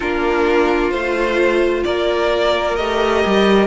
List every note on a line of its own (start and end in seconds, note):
0.00 0.91 A#3
0.00 0.92 D4
0.00 1.83 F4
0.00 0.91 A#4
0.91 1.84 A3
0.91 2.77 F4
0.91 1.83 C5
1.84 2.78 A#3
1.84 3.66 A#4
1.84 2.75 D5
2.75 3.24 A3
2.75 3.66 G4
2.75 3.66 D#5
3.25 3.66 G3